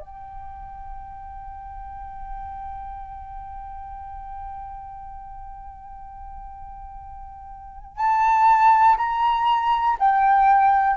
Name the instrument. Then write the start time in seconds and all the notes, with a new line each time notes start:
flute
0.00 G5
7.96 A5
8.97 A#5
9.99 G5